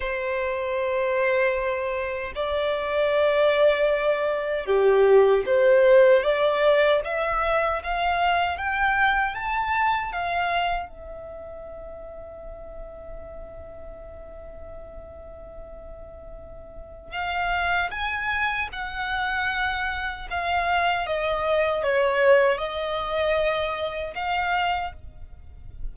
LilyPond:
\new Staff \with { instrumentName = "violin" } { \time 4/4 \tempo 4 = 77 c''2. d''4~ | d''2 g'4 c''4 | d''4 e''4 f''4 g''4 | a''4 f''4 e''2~ |
e''1~ | e''2 f''4 gis''4 | fis''2 f''4 dis''4 | cis''4 dis''2 f''4 | }